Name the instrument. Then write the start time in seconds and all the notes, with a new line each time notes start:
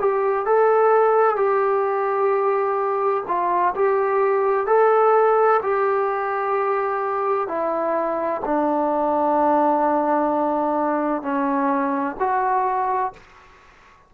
trombone
0.00 G4
0.46 A4
1.37 G4
3.27 F4
3.75 G4
4.67 A4
5.63 G4
7.48 E4
8.45 D4
11.22 C#4
12.20 F#4